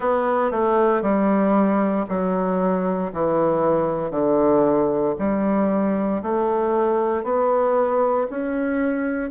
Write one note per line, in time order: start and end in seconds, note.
0.00 0.51 B3
0.51 1.02 A3
1.02 2.05 G3
2.08 3.12 F#3
3.12 4.11 E3
4.11 5.14 D3
5.18 6.22 G3
6.22 7.23 A3
7.23 8.27 B3
8.30 9.30 C#4